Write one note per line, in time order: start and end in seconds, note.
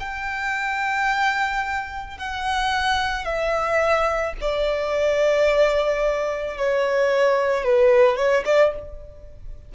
0.00 2.18 G5
2.18 3.25 F#5
3.25 4.34 E5
4.41 6.58 D5
6.58 7.65 C#5
7.65 8.17 B4
8.17 8.44 C#5
8.45 8.73 D5